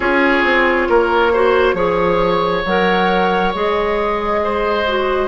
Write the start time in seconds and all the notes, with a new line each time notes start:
0.00 C#4 F4 G#4 C#5
0.43 C4
0.89 A#3 A#4
1.33 F#4 C5
1.73 F3 G#4 C#5
2.65 F#3 A#4 F#5
3.54 G#3 G#4 D#5
4.44 C5
4.87 F#4